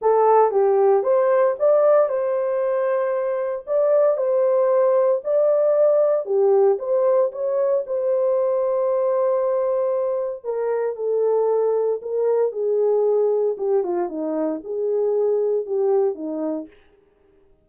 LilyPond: \new Staff \with { instrumentName = "horn" } { \time 4/4 \tempo 4 = 115 a'4 g'4 c''4 d''4 | c''2. d''4 | c''2 d''2 | g'4 c''4 cis''4 c''4~ |
c''1 | ais'4 a'2 ais'4 | gis'2 g'8 f'8 dis'4 | gis'2 g'4 dis'4 | }